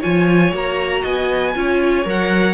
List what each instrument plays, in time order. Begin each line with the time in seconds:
0.00 cello F3, viola F4, violin C#5 G#5
0.52 cello A#3, viola F#4, violin A#5
1.02 cello B3, violin D#5 G#5
1.56 cello C#4, viola F4, violin C#5
2.06 cello F#3, viola A#4, violin F#5